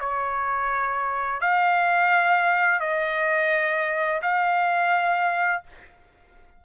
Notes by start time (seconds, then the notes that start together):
0.00 C#5
1.41 F5
2.80 D#5
4.22 F5